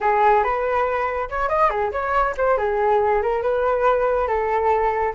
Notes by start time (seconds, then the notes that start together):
0.00 G#4
0.43 B4
1.29 C#5
1.48 D#5
1.70 G#4
1.92 C#5
2.37 C5
2.57 G#4
3.22 A#4
3.42 B4
4.27 A4